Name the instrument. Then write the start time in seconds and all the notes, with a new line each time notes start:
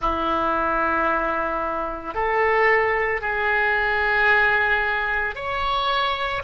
oboe
0.00 E4
2.14 A4
3.21 G#4
5.35 C#5